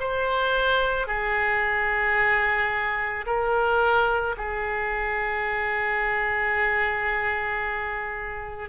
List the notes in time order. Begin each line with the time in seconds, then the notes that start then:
0.00 C5
1.08 G#4
3.27 A#4
4.37 G#4